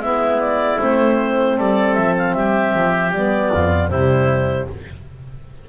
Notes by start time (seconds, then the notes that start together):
0.00 G#3 B3 E4 E5
0.40 D5
0.79 A3 C4 C5
1.58 G3 A4 D5
1.94 F3 E5
2.18 F5
2.34 G3 G4 E5
2.75 F3
3.12 G3 B3 D5
3.52 F2 F4
3.89 C3 G3 E4 C5